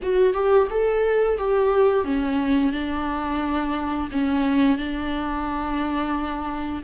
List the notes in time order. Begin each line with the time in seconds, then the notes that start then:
0.02 F#4
0.33 G4
0.70 A4
1.38 G4
2.04 C#4
2.72 D4
4.11 C#4
4.77 D4